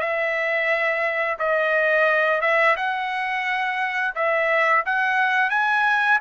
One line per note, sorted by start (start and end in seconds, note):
0.00 1.38 E5
1.39 2.41 D#5
2.41 2.76 E5
2.77 4.15 F#5
4.16 4.85 E5
4.86 5.50 F#5
5.50 6.19 G#5